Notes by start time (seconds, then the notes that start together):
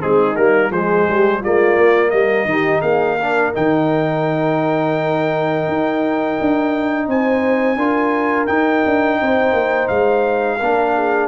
0.00 G#3 C4 D#4 G#4
0.36 G3 A#3 A#4
0.71 F3 G#3 G#4 C5
1.08 G3 G4
1.40 G#3 A#3 F4 D5
1.78 A#3
2.11 G3 A#4 D#5
2.45 D#3 D#4
2.52 G4
2.81 A#3 G#4 F5
3.20 D4 A#4
3.54 D#3 D#4 G5
5.68 D#4
6.41 D4
7.08 C4 C5 G#5
7.77 D4 F4 A#4
8.47 D#4 G5
8.86 D4
9.22 C4 C5
9.53 A#3
9.88 G#3 F5
10.59 A#3 D4 A#4
10.95 G#4